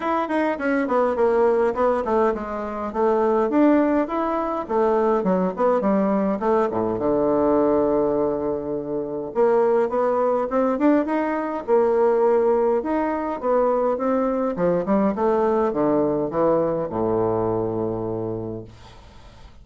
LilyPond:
\new Staff \with { instrumentName = "bassoon" } { \time 4/4 \tempo 4 = 103 e'8 dis'8 cis'8 b8 ais4 b8 a8 | gis4 a4 d'4 e'4 | a4 fis8 b8 g4 a8 a,8 | d1 |
ais4 b4 c'8 d'8 dis'4 | ais2 dis'4 b4 | c'4 f8 g8 a4 d4 | e4 a,2. | }